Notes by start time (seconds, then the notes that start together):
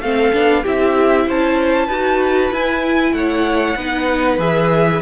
0.00 A3 C4 A4 F5
0.33 B3 D4
0.63 C4 E4 G4 E5
1.27 C#4 C5 A5
1.87 D#4 F#4 B4
2.52 E4 G#5
3.13 A3 C#5 F#5
3.76 B3 D#4 B4
4.39 E3 G#4 E5